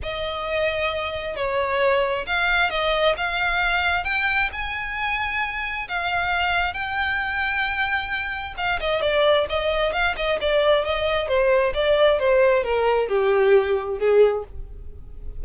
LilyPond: \new Staff \with { instrumentName = "violin" } { \time 4/4 \tempo 4 = 133 dis''2. cis''4~ | cis''4 f''4 dis''4 f''4~ | f''4 g''4 gis''2~ | gis''4 f''2 g''4~ |
g''2. f''8 dis''8 | d''4 dis''4 f''8 dis''8 d''4 | dis''4 c''4 d''4 c''4 | ais'4 g'2 gis'4 | }